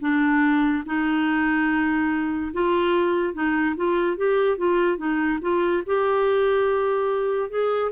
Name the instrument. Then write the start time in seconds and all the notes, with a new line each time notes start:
clarinet
0.00 D4
0.85 D#4
2.53 F4
3.33 D#4
3.76 F4
4.17 G4
4.57 F4
4.97 D#4
5.41 F4
5.86 G4
7.49 G#4